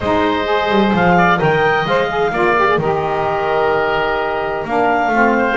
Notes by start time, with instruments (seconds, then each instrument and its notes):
0.00 double bass G#3, saxophone D#4, oboe C5, clarinet D#5
0.44 saxophone G#4
0.68 double bass G3
0.93 double bass F3, clarinet F5
1.17 oboe D5
1.37 double bass D#3, saxophone A#4, oboe D#5, clarinet G5
1.85 double bass G#3, saxophone C5, clarinet F5
2.08 saxophone G#4
2.31 double bass A#3, saxophone F4, oboe D5
2.59 saxophone G4
2.68 saxophone G#4
2.77 double bass D#3, saxophone G4, oboe A#4, clarinet D#5
4.64 double bass A#3, saxophone D4, clarinet F5
5.08 double bass A3, saxophone C4, oboe F4
5.37 oboe C5